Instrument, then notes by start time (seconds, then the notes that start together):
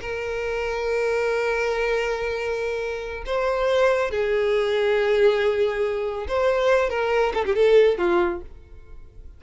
violin
0.00 A#4
3.26 C5
4.11 G#4
6.28 C5
6.89 A#4
7.34 A4
7.45 G4
7.55 A4
7.98 F4